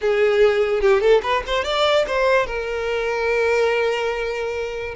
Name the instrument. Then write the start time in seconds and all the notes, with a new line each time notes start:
violin
0.01 G#4
0.81 G4
1.00 A4
1.22 B4
1.47 C5
1.63 D5
2.07 C5
2.46 A#4